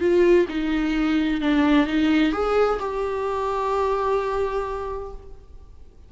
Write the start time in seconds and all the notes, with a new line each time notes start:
0.00 F4
0.48 D#4
1.41 D4
1.87 D#4
2.32 G#4
2.79 G4